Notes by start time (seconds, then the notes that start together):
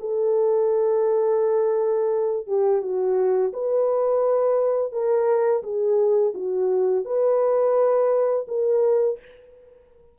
0.00 A4
2.47 G4
2.82 F#4
3.53 B4
4.92 A#4
5.63 G#4
6.34 F#4
7.05 B4
8.48 A#4